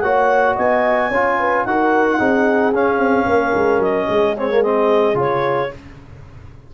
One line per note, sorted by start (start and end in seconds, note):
0.00 0.56 A#3
0.00 1.11 F#4
0.00 0.56 C#5
0.00 0.54 F#5
0.56 1.11 B3
0.56 1.09 D#5
0.56 1.65 G#5
1.09 1.65 C#4
1.09 1.67 F4
1.09 1.36 C#5
1.39 1.66 B4
1.65 2.19 D#4
1.65 2.19 F#4
1.65 2.18 A#4
1.65 2.73 F#5
2.18 2.73 C4
2.18 2.73 D#4
2.18 3.26 G#4
2.73 2.98 C#4
2.73 4.36 C#4
2.73 3.82 F5
2.98 3.25 C4
3.26 3.53 A#3
3.26 4.08 A#4
3.54 3.79 G#3
3.79 4.06 F#3
3.79 4.36 D#5
4.09 5.14 G#3
4.09 5.73 G#4
4.36 4.50 C4
4.36 4.62 C#5
4.50 4.63 A#3
4.62 5.14 C4
4.62 5.16 D#5
5.14 5.68 C#3
5.14 5.68 F4
5.14 5.74 C#5